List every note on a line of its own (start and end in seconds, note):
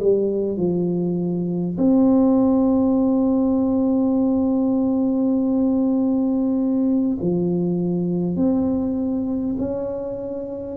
0.00 0.57 G3
0.57 1.77 F3
1.78 7.18 C4
7.21 8.37 F3
8.37 9.57 C4
9.59 10.77 C#4